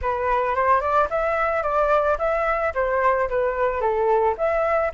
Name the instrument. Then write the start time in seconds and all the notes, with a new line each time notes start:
flute
0.01 B4
0.55 C5
0.80 D5
1.10 E5
1.62 D5
2.18 E5
2.74 C5
3.29 B4
3.80 A4
4.37 E5